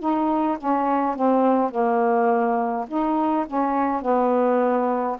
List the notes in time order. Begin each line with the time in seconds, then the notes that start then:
0.00 D#4
0.58 C#4
1.15 C4
1.71 A#3
2.88 D#4
3.47 C#4
4.02 B3